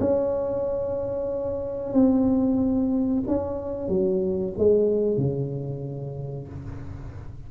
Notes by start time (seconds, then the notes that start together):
0.00 C#4
1.94 C4
3.28 C#4
3.89 F#3
4.58 G#3
5.18 C#3